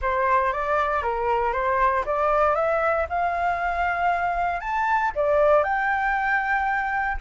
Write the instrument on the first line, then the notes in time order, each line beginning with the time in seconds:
flute
0.01 C5
0.52 D5
1.02 A#4
1.52 C5
2.05 D5
2.55 E5
3.09 F5
4.60 A5
5.15 D5
5.63 G5